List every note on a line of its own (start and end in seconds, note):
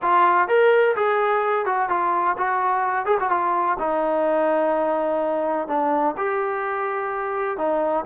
0.02 0.48 F4
0.48 0.95 A#4
0.96 1.65 G#4
1.65 1.89 F#4
1.89 2.36 F4
2.37 3.05 F#4
3.05 3.17 G#4
3.20 3.30 F#4
3.30 3.77 F4
3.78 5.67 D#4
5.68 6.15 D4
6.17 7.57 G4
7.57 8.04 D#4